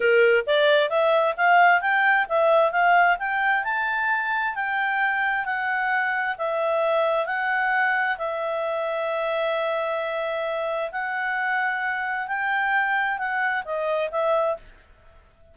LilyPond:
\new Staff \with { instrumentName = "clarinet" } { \time 4/4 \tempo 4 = 132 ais'4 d''4 e''4 f''4 | g''4 e''4 f''4 g''4 | a''2 g''2 | fis''2 e''2 |
fis''2 e''2~ | e''1 | fis''2. g''4~ | g''4 fis''4 dis''4 e''4 | }